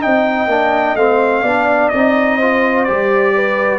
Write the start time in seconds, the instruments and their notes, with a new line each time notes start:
0.00 tuba C4, trombone D#4, horn D#5, trumpet G5
0.47 tuba A#3, trombone D4
0.96 tuba A3, trombone C4, trumpet F5
1.43 tuba B3, trombone D4, horn D5
1.89 tuba C4, trombone D#4, trumpet D#5
2.37 trombone F4, horn C5
2.85 tuba G3, trombone G4, trumpet D5
3.35 horn B4